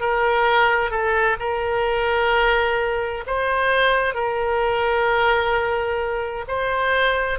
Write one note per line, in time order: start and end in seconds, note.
0.00 0.90 A#4
0.90 1.36 A4
1.39 3.24 A#4
3.26 4.14 C5
4.14 6.44 A#4
6.47 7.39 C5